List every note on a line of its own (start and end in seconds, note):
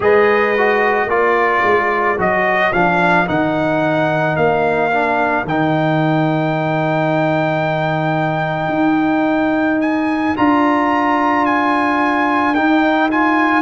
0.00 1.06 G#3
0.00 0.55 G#4
0.00 1.09 B4
0.00 1.09 D#5
0.57 1.09 F#4
1.06 1.61 A#3
1.06 2.17 F4
1.06 13.62 A#4
1.06 2.18 D5
1.62 2.17 G#3
2.17 2.72 F#3
2.17 2.72 F#4
2.17 2.72 D#5
2.72 3.27 F3
2.72 3.27 D4
2.72 3.27 F5
3.27 4.36 D#3
3.27 4.90 D#4
3.27 4.36 F#5
4.36 5.44 A#3
4.36 5.45 F5
4.91 5.45 D4
5.44 8.68 D#3
5.44 10.36 D#4
5.44 9.81 G5
8.68 10.32 D#4
9.81 10.35 G#5
10.36 12.55 D4
10.36 12.55 F4
10.36 11.45 A#5
11.45 12.54 G#5
12.54 13.62 D#4
12.54 13.10 D#4
12.54 13.09 G5
13.10 13.62 F4
13.10 13.62 G#5